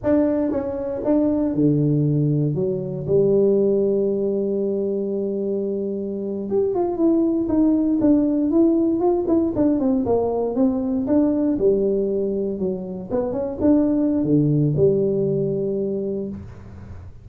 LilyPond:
\new Staff \with { instrumentName = "tuba" } { \time 4/4 \tempo 4 = 118 d'4 cis'4 d'4 d4~ | d4 fis4 g2~ | g1~ | g8. g'8 f'8 e'4 dis'4 d'16~ |
d'8. e'4 f'8 e'8 d'8 c'8 ais16~ | ais8. c'4 d'4 g4~ g16~ | g8. fis4 b8 cis'8 d'4~ d'16 | d4 g2. | }